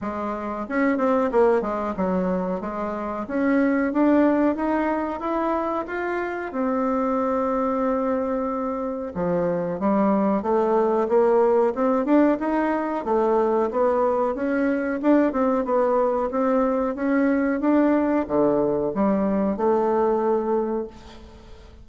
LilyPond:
\new Staff \with { instrumentName = "bassoon" } { \time 4/4 \tempo 4 = 92 gis4 cis'8 c'8 ais8 gis8 fis4 | gis4 cis'4 d'4 dis'4 | e'4 f'4 c'2~ | c'2 f4 g4 |
a4 ais4 c'8 d'8 dis'4 | a4 b4 cis'4 d'8 c'8 | b4 c'4 cis'4 d'4 | d4 g4 a2 | }